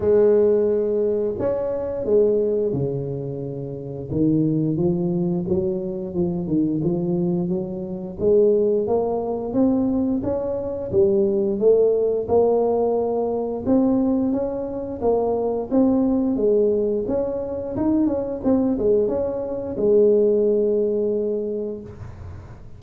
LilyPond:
\new Staff \with { instrumentName = "tuba" } { \time 4/4 \tempo 4 = 88 gis2 cis'4 gis4 | cis2 dis4 f4 | fis4 f8 dis8 f4 fis4 | gis4 ais4 c'4 cis'4 |
g4 a4 ais2 | c'4 cis'4 ais4 c'4 | gis4 cis'4 dis'8 cis'8 c'8 gis8 | cis'4 gis2. | }